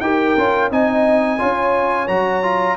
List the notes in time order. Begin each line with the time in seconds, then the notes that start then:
0.00 D#4 G4 A#4 G5
0.37 C#4 F4
0.70 C4 D#4 D#5 G#5
1.39 C#4 F4 C#5
2.07 F#3 F#4 A#5
2.43 F4